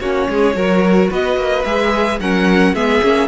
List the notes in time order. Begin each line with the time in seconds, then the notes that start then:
0.00 A#3 C#4 F#4 C#5
0.29 G#3 G#4
0.54 F#3 F#4 A#4
1.11 B3 B4 D#5
1.37 A#3
1.65 G#3 G#4 E5
2.19 F#3 C#4 A#4 F#5
2.74 G#3 B3 G#4 E5
3.02 A#3 C#4